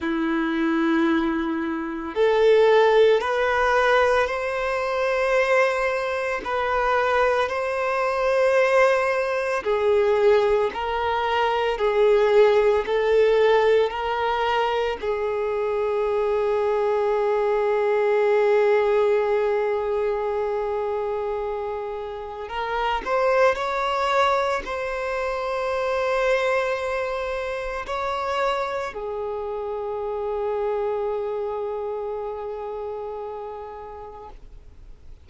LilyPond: \new Staff \with { instrumentName = "violin" } { \time 4/4 \tempo 4 = 56 e'2 a'4 b'4 | c''2 b'4 c''4~ | c''4 gis'4 ais'4 gis'4 | a'4 ais'4 gis'2~ |
gis'1~ | gis'4 ais'8 c''8 cis''4 c''4~ | c''2 cis''4 gis'4~ | gis'1 | }